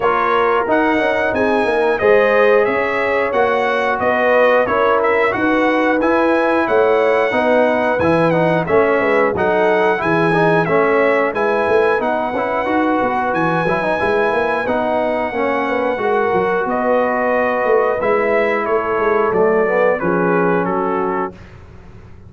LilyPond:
<<
  \new Staff \with { instrumentName = "trumpet" } { \time 4/4 \tempo 4 = 90 cis''4 fis''4 gis''4 dis''4 | e''4 fis''4 dis''4 cis''8 e''8 | fis''4 gis''4 fis''2 | gis''8 fis''8 e''4 fis''4 gis''4 |
e''4 gis''4 fis''2 | gis''2 fis''2~ | fis''4 dis''2 e''4 | cis''4 d''4 b'4 a'4 | }
  \new Staff \with { instrumentName = "horn" } { \time 4/4 ais'2 gis'8 ais'8 c''4 | cis''2 b'4 ais'4 | b'2 cis''4 b'4~ | b'4 cis''8 b'8 a'4 gis'4 |
cis''4 b'2.~ | b'2. cis''8 b'8 | ais'4 b'2. | a'2 gis'4 fis'4 | }
  \new Staff \with { instrumentName = "trombone" } { \time 4/4 f'4 dis'2 gis'4~ | gis'4 fis'2 e'4 | fis'4 e'2 dis'4 | e'8 dis'8 cis'4 dis'4 e'8 dis'8 |
cis'4 e'4 dis'8 e'8 fis'4~ | fis'8 e'16 dis'16 e'4 dis'4 cis'4 | fis'2. e'4~ | e'4 a8 b8 cis'2 | }
  \new Staff \with { instrumentName = "tuba" } { \time 4/4 ais4 dis'8 cis'8 c'8 ais8 gis4 | cis'4 ais4 b4 cis'4 | dis'4 e'4 a4 b4 | e4 a8 gis8 fis4 e4 |
a4 gis8 a8 b8 cis'8 dis'8 b8 | e8 fis8 gis8 ais8 b4 ais4 | gis8 fis8 b4. a8 gis4 | a8 gis8 fis4 f4 fis4 | }
>>